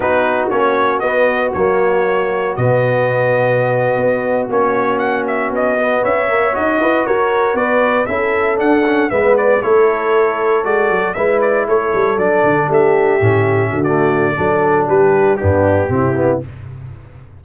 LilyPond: <<
  \new Staff \with { instrumentName = "trumpet" } { \time 4/4 \tempo 4 = 117 b'4 cis''4 dis''4 cis''4~ | cis''4 dis''2.~ | dis''8. cis''4 fis''8 e''8 dis''4 e''16~ | e''8. dis''4 cis''4 d''4 e''16~ |
e''8. fis''4 e''8 d''8 cis''4~ cis''16~ | cis''8. d''4 e''8 d''8 cis''4 d''16~ | d''8. e''2~ e''16 d''4~ | d''4 b'4 g'2 | }
  \new Staff \with { instrumentName = "horn" } { \time 4/4 fis'1~ | fis'1~ | fis'2.~ fis'8. cis''16~ | cis''4~ cis''16 b'8 ais'4 b'4 a'16~ |
a'4.~ a'16 b'4 a'4~ a'16~ | a'4.~ a'16 b'4 a'4~ a'16~ | a'8. g'2 fis'4~ fis'16 | a'4 g'4 d'4 e'4 | }
  \new Staff \with { instrumentName = "trombone" } { \time 4/4 dis'4 cis'4 b4 ais4~ | ais4 b2.~ | b8. cis'2~ cis'8 b8.~ | b16 ais8 fis'2. e'16~ |
e'8. d'8 cis'8 b4 e'4~ e'16~ | e'8. fis'4 e'2 d'16~ | d'4.~ d'16 cis'4~ cis'16 a4 | d'2 b4 c'8 b8 | }
  \new Staff \with { instrumentName = "tuba" } { \time 4/4 b4 ais4 b4 fis4~ | fis4 b,2~ b,8. b16~ | b8. ais2 b4 cis'16~ | cis'8. dis'8 e'8 fis'4 b4 cis'16~ |
cis'8. d'4 gis4 a4~ a16~ | a8. gis8 fis8 gis4 a8 g8 fis16~ | fis16 d8 a4 a,4 d4~ d16 | fis4 g4 g,4 c4 | }
>>